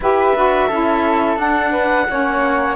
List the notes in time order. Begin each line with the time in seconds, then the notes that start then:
0.00 E4 G4 B4 E5
0.35 D4 F#4
0.67 C#4 E4 A4
1.36 D4 F#5
1.71 B4
2.09 A#3 C#4 C#5